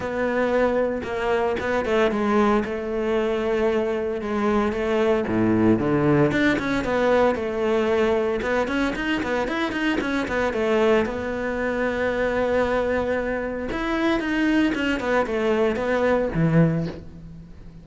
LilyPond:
\new Staff \with { instrumentName = "cello" } { \time 4/4 \tempo 4 = 114 b2 ais4 b8 a8 | gis4 a2. | gis4 a4 a,4 d4 | d'8 cis'8 b4 a2 |
b8 cis'8 dis'8 b8 e'8 dis'8 cis'8 b8 | a4 b2.~ | b2 e'4 dis'4 | cis'8 b8 a4 b4 e4 | }